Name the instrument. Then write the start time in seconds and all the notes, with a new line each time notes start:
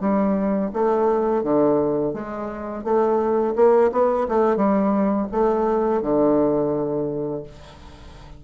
bassoon
0.00 G3
0.73 A3
1.43 D3
2.13 G#3
2.84 A3
3.55 A#3
3.91 B3
4.28 A3
4.56 G3
5.31 A3
6.02 D3